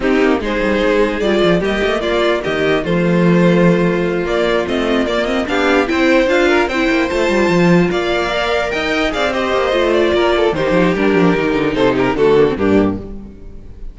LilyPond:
<<
  \new Staff \with { instrumentName = "violin" } { \time 4/4 \tempo 4 = 148 g'4 c''2 d''4 | dis''4 d''4 dis''4 c''4~ | c''2~ c''8 d''4 dis''8~ | dis''8 d''8 dis''8 f''4 g''4 f''8~ |
f''8 g''4 a''2 f''8~ | f''4. g''4 f''8 dis''4~ | dis''8 d''4. c''4 ais'4~ | ais'4 c''8 ais'8 a'4 g'4 | }
  \new Staff \with { instrumentName = "violin" } { \time 4/4 dis'4 gis'2. | g'4 f'4 g'4 f'4~ | f'1~ | f'4. g'4 c''4. |
ais'8 c''2. d''8~ | d''4. dis''4 d''8 c''4~ | c''4 ais'8 a'8 g'2~ | g'4 a'8 g'8 fis'4 d'4 | }
  \new Staff \with { instrumentName = "viola" } { \time 4/4 c'4 dis'2 f'4 | ais2. a4~ | a2~ a8 ais4 c'8~ | c'8 ais8 c'8 d'4 e'4 f'8~ |
f'8 e'4 f'2~ f'8~ | f'8 ais'2 gis'8 g'4 | f'2 dis'4 d'4 | dis'2 a8 ais16 c'16 ais4 | }
  \new Staff \with { instrumentName = "cello" } { \time 4/4 c'8 ais8 gis8 g8 gis4 g8 f8 | g8 a8 ais4 dis4 f4~ | f2~ f8 ais4 a8~ | a8 ais4 b4 c'4 d'8~ |
d'8 c'8 ais8 a8 g8 f4 ais8~ | ais4. dis'4 c'4 ais8 | a4 ais4 dis8 f8 g8 f8 | dis8 d8 c4 d4 g,4 | }
>>